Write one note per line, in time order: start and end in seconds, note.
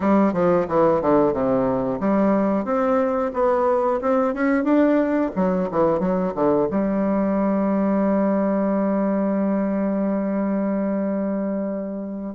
0.00 0.33 G3
0.33 0.66 F3
0.68 1.01 E3
1.01 1.33 D3
1.33 1.99 C3
2.00 2.65 G3
2.65 3.31 C4
3.33 4.00 B3
4.01 4.34 C4
4.34 4.64 C#4
4.64 5.30 D4
5.35 5.68 F#3
5.71 5.99 E3
5.99 6.33 F#3
6.35 6.68 D3
6.70 12.35 G3